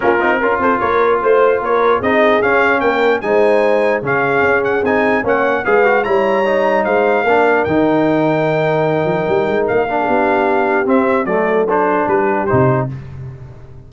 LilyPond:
<<
  \new Staff \with { instrumentName = "trumpet" } { \time 4/4 \tempo 4 = 149 ais'4. c''8 cis''4 c''4 | cis''4 dis''4 f''4 g''4 | gis''2 f''4. fis''8 | gis''4 fis''4 f''4 ais''4~ |
ais''4 f''2 g''4~ | g''1 | f''2. e''4 | d''4 c''4 b'4 c''4 | }
  \new Staff \with { instrumentName = "horn" } { \time 4/4 f'4 ais'8 a'8 ais'4 c''4 | ais'4 gis'2 ais'4 | c''2 gis'2~ | gis'4 cis''4 b'4 cis''4~ |
cis''4 c''4 ais'2~ | ais'1~ | ais'8. gis'16 g'2. | a'2 g'2 | }
  \new Staff \with { instrumentName = "trombone" } { \time 4/4 cis'8 dis'8 f'2.~ | f'4 dis'4 cis'2 | dis'2 cis'2 | dis'4 cis'4 gis'8 fis'8 e'4 |
dis'2 d'4 dis'4~ | dis'1~ | dis'8 d'2~ d'8 c'4 | a4 d'2 dis'4 | }
  \new Staff \with { instrumentName = "tuba" } { \time 4/4 ais8 c'8 cis'8 c'8 ais4 a4 | ais4 c'4 cis'4 ais4 | gis2 cis4 cis'4 | c'4 ais4 gis4 g4~ |
g4 gis4 ais4 dis4~ | dis2~ dis8 f8 g8 gis8 | ais4 b2 c'4 | fis2 g4 c4 | }
>>